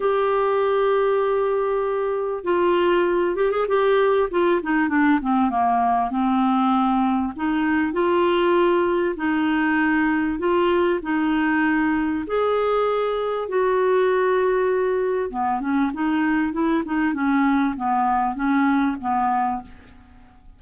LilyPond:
\new Staff \with { instrumentName = "clarinet" } { \time 4/4 \tempo 4 = 98 g'1 | f'4. g'16 gis'16 g'4 f'8 dis'8 | d'8 c'8 ais4 c'2 | dis'4 f'2 dis'4~ |
dis'4 f'4 dis'2 | gis'2 fis'2~ | fis'4 b8 cis'8 dis'4 e'8 dis'8 | cis'4 b4 cis'4 b4 | }